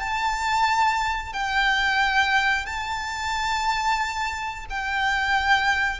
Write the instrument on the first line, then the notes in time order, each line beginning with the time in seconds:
violin
0.00 A5
1.33 G5
2.66 A5
4.70 G5